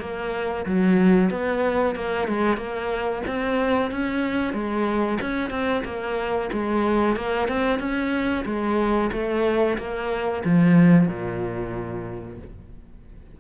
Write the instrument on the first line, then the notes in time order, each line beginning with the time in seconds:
cello
0.00 A#3
0.66 F#3
1.30 B3
1.95 A#3
2.28 G#3
2.57 A#3
3.27 C4
3.91 C#4
4.53 G#3
5.21 C#4
5.50 C4
5.84 A#3
6.52 G#3
7.16 A#3
7.48 C4
7.79 C#4
8.45 G#3
9.12 A3
9.77 A#3
10.44 F3
11.08 A#2